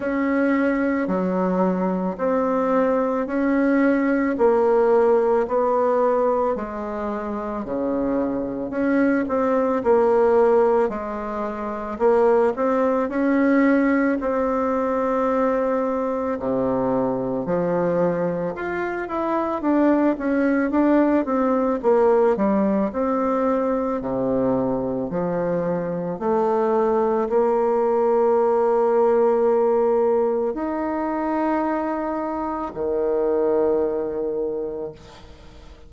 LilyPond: \new Staff \with { instrumentName = "bassoon" } { \time 4/4 \tempo 4 = 55 cis'4 fis4 c'4 cis'4 | ais4 b4 gis4 cis4 | cis'8 c'8 ais4 gis4 ais8 c'8 | cis'4 c'2 c4 |
f4 f'8 e'8 d'8 cis'8 d'8 c'8 | ais8 g8 c'4 c4 f4 | a4 ais2. | dis'2 dis2 | }